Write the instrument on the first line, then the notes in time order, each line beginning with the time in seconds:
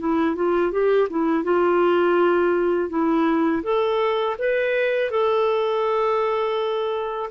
clarinet
0.00 E4
0.36 F4
0.72 G4
1.10 E4
1.45 F4
2.90 E4
3.64 A4
4.39 B4
5.11 A4